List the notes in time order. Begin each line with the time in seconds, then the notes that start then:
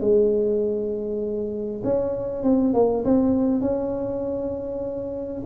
0.00 G#3
1.84 C#4
2.43 C4
2.74 A#3
3.04 C4
3.61 C#4